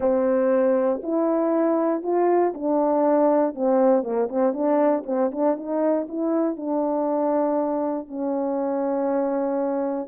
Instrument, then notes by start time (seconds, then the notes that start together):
horn
0.00 C4
1.02 E4
2.03 F4
2.54 D4
3.55 C4
4.03 A#3
4.29 C4
4.53 D4
5.06 C4
5.31 D4
5.56 D#4
6.08 E4
6.56 D4
8.07 C#4